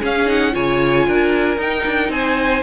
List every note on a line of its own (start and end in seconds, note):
0.00 0.26 C#4
0.00 0.56 C#4
0.00 0.53 G#4
0.00 0.29 F5
0.26 0.51 D#4
0.26 0.55 F#5
0.51 1.07 C#3
0.51 1.57 F4
0.51 1.07 C#5
0.51 1.60 G#5
1.07 1.58 D4
1.07 2.12 A#4
1.58 1.84 D#4
1.58 2.63 D#4
1.58 2.11 G5
1.86 2.09 D4
2.09 2.62 C4
2.09 2.63 C5
2.09 2.63 G#5